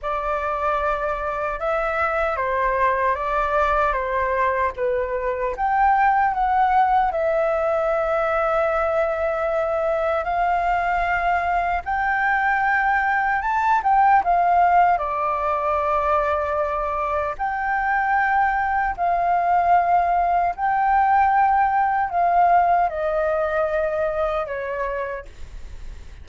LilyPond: \new Staff \with { instrumentName = "flute" } { \time 4/4 \tempo 4 = 76 d''2 e''4 c''4 | d''4 c''4 b'4 g''4 | fis''4 e''2.~ | e''4 f''2 g''4~ |
g''4 a''8 g''8 f''4 d''4~ | d''2 g''2 | f''2 g''2 | f''4 dis''2 cis''4 | }